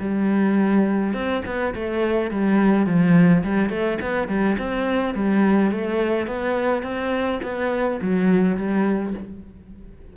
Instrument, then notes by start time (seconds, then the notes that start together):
cello
0.00 G3
1.14 C4
1.46 B3
1.75 A3
2.31 G3
2.86 F3
3.44 G3
3.70 A3
4.02 B3
4.28 G3
4.59 C4
5.15 G3
5.71 A3
6.27 B3
6.83 C4
7.43 B3
8.02 F#3
8.57 G3